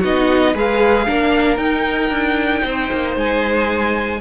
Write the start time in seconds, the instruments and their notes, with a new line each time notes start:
0.00 cello B3, viola D#4, violin F#4 D#5
0.54 cello G#3, viola G#4, violin B4 F5
1.07 cello A#3, viola D4, violin A#4
1.57 cello D#4, viola D#4, violin G5
2.10 cello D4
2.63 cello C4, violin C5
2.92 cello A#3
3.16 cello G#3, violin G#5